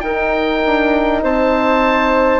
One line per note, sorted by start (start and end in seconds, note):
0.00 0.61 D#4
0.00 2.40 D#4
0.00 1.23 A#4
0.00 1.20 G5
0.65 1.23 D4
1.23 2.40 C4
1.23 2.40 C5
1.23 2.40 A5